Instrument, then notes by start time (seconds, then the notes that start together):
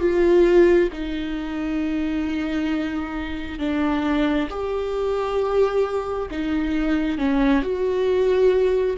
viola
0.00 F4
0.93 D#4
3.59 D4
4.50 G4
6.31 D#4
7.18 C#4
7.63 F#4